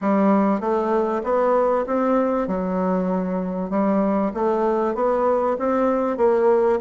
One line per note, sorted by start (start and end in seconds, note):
0.01 0.60 G3
0.60 1.22 A3
1.23 1.85 B3
1.86 2.47 C4
2.47 3.70 F#3
3.70 4.32 G3
4.34 4.95 A3
4.95 5.56 B3
5.58 6.17 C4
6.17 6.79 A#3